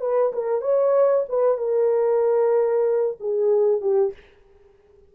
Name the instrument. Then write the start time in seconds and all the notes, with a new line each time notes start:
horn
0.00 B4
0.32 A#4
0.61 C#5
1.28 B4
1.57 A#4
3.20 G#4
3.81 G4